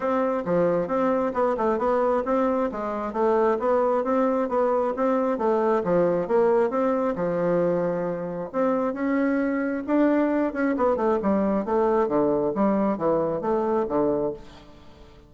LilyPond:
\new Staff \with { instrumentName = "bassoon" } { \time 4/4 \tempo 4 = 134 c'4 f4 c'4 b8 a8 | b4 c'4 gis4 a4 | b4 c'4 b4 c'4 | a4 f4 ais4 c'4 |
f2. c'4 | cis'2 d'4. cis'8 | b8 a8 g4 a4 d4 | g4 e4 a4 d4 | }